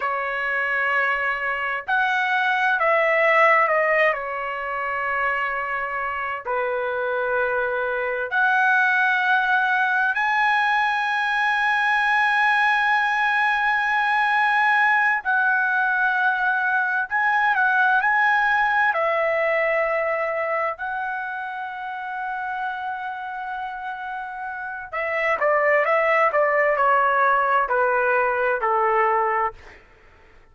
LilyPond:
\new Staff \with { instrumentName = "trumpet" } { \time 4/4 \tempo 4 = 65 cis''2 fis''4 e''4 | dis''8 cis''2~ cis''8 b'4~ | b'4 fis''2 gis''4~ | gis''1~ |
gis''8 fis''2 gis''8 fis''8 gis''8~ | gis''8 e''2 fis''4.~ | fis''2. e''8 d''8 | e''8 d''8 cis''4 b'4 a'4 | }